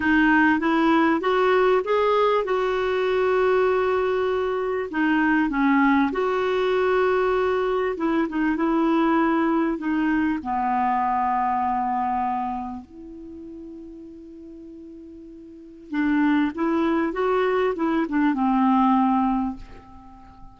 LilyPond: \new Staff \with { instrumentName = "clarinet" } { \time 4/4 \tempo 4 = 98 dis'4 e'4 fis'4 gis'4 | fis'1 | dis'4 cis'4 fis'2~ | fis'4 e'8 dis'8 e'2 |
dis'4 b2.~ | b4 e'2.~ | e'2 d'4 e'4 | fis'4 e'8 d'8 c'2 | }